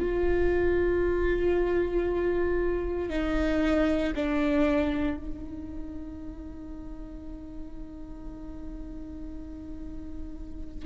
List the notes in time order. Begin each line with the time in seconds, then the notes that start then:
0.00 F4
3.10 D#4
4.16 D4
5.17 D#4